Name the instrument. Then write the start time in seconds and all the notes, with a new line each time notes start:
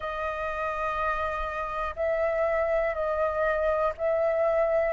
flute
0.00 D#5
1.96 E5
2.94 D#5
3.97 E5